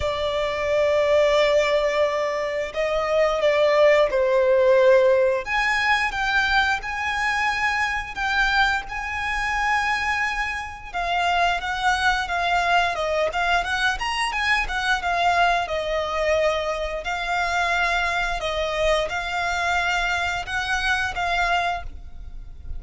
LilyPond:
\new Staff \with { instrumentName = "violin" } { \time 4/4 \tempo 4 = 88 d''1 | dis''4 d''4 c''2 | gis''4 g''4 gis''2 | g''4 gis''2. |
f''4 fis''4 f''4 dis''8 f''8 | fis''8 ais''8 gis''8 fis''8 f''4 dis''4~ | dis''4 f''2 dis''4 | f''2 fis''4 f''4 | }